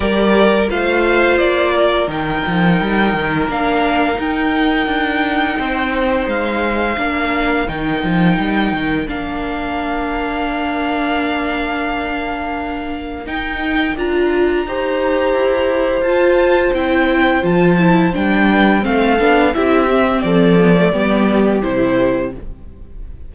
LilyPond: <<
  \new Staff \with { instrumentName = "violin" } { \time 4/4 \tempo 4 = 86 d''4 f''4 d''4 g''4~ | g''4 f''4 g''2~ | g''4 f''2 g''4~ | g''4 f''2.~ |
f''2. g''4 | ais''2. a''4 | g''4 a''4 g''4 f''4 | e''4 d''2 c''4 | }
  \new Staff \with { instrumentName = "violin" } { \time 4/4 ais'4 c''4. ais'4.~ | ais'1 | c''2 ais'2~ | ais'1~ |
ais'1~ | ais'4 c''2.~ | c''2~ c''8 b'8 a'4 | g'4 a'4 g'2 | }
  \new Staff \with { instrumentName = "viola" } { \time 4/4 g'4 f'2 dis'4~ | dis'4 d'4 dis'2~ | dis'2 d'4 dis'4~ | dis'4 d'2.~ |
d'2. dis'4 | f'4 g'2 f'4 | e'4 f'8 e'8 d'4 c'8 d'8 | e'8 c'4 b16 a16 b4 e'4 | }
  \new Staff \with { instrumentName = "cello" } { \time 4/4 g4 a4 ais4 dis8 f8 | g8 dis8 ais4 dis'4 d'4 | c'4 gis4 ais4 dis8 f8 | g8 dis8 ais2.~ |
ais2. dis'4 | d'4 dis'4 e'4 f'4 | c'4 f4 g4 a8 b8 | c'4 f4 g4 c4 | }
>>